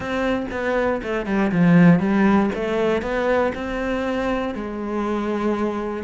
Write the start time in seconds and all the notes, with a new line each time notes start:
0.00 C4
0.51 B3
1.02 A3
1.26 G3
1.51 F3
1.99 G3
2.55 A3
3.01 B3
3.54 C4
4.54 G#3